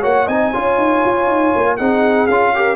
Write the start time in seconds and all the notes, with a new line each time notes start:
0.00 A#3 F#4 C#5 F#5
0.25 C4 D#4 D#5 G#5
0.51 C#4 F4 C#5
0.77 D#4
1.05 F4
1.27 D#4
1.55 A#3
1.76 C4 D#4 G#4 F#5
2.27 C#4 F4 F5
2.54 G4 A#4